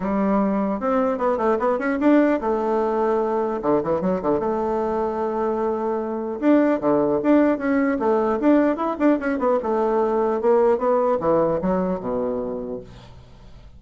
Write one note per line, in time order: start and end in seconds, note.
0.00 0.79 G3
0.79 1.18 C4
1.18 1.37 B3
1.37 1.57 A3
1.59 1.78 B3
1.78 1.98 C#4
1.99 2.39 D4
2.40 3.60 A3
3.61 3.81 D3
3.83 4.01 E3
4.01 4.21 F#3
4.22 4.39 D3
4.39 6.39 A3
6.40 6.80 D4
6.80 7.20 D3
7.22 7.57 D4
7.57 7.97 C#4
7.99 8.39 A3
8.40 8.76 D4
8.76 8.96 E4
8.99 9.19 D4
9.19 9.38 C#4
9.38 9.58 B3
9.62 10.41 A3
10.41 10.78 A#3
10.78 11.18 B3
11.20 11.60 E3
11.61 11.99 F#3
11.99 12.79 B2